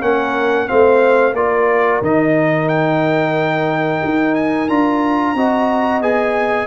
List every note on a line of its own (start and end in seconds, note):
0.00 0.68 A#3
0.00 0.67 C#4
0.00 0.70 A#4
0.00 0.67 F#5
0.67 1.33 A3
0.67 1.33 C4
0.67 1.36 C5
0.67 1.34 F5
1.33 2.00 A#3
1.33 2.02 F4
1.33 5.36 A#4
1.33 2.02 D5
2.01 4.01 D#3
2.01 4.69 D#4
2.01 2.68 D#5
2.68 4.35 G5
4.04 4.68 D#4
4.35 4.68 G#5
4.68 5.34 D4
4.68 5.36 F4
4.68 6.01 A#5
5.34 6.01 C4
5.34 6.01 F#4
5.34 6.66 D#5
6.01 6.66 B3
6.01 6.66 G#4
6.01 6.66 G#5